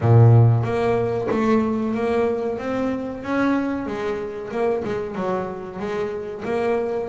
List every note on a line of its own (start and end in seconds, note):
0.00 0.63 A#2
0.63 1.28 A#3
1.30 1.94 A3
1.94 2.58 A#3
2.58 3.23 C4
3.23 3.86 C#4
3.86 4.51 G#3
4.51 4.83 A#3
4.84 5.15 G#3
5.15 5.79 F#3
5.79 6.43 G#3
6.44 7.09 A#3